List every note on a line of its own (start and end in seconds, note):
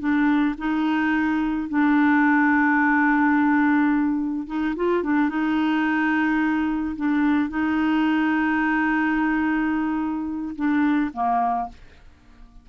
0.00 0.56 D4
0.58 1.69 D#4
1.69 4.47 D4
4.47 4.75 D#4
4.77 5.04 F4
5.04 5.29 D4
5.29 6.96 D#4
6.96 7.50 D4
7.50 10.56 D#4
10.56 11.11 D4
11.14 11.69 A#3